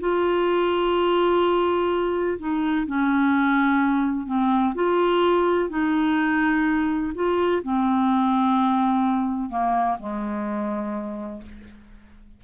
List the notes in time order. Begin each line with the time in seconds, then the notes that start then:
0.00 F4
2.39 D#4
2.87 C#4
4.26 C4
4.75 F4
5.70 D#4
7.15 F4
7.63 C4
9.50 A#3
9.99 G#3